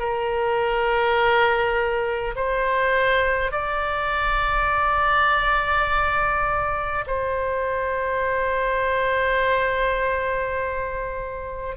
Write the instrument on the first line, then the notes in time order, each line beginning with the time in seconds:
oboe
0.00 A#4
2.36 C5
3.52 D5
7.07 C5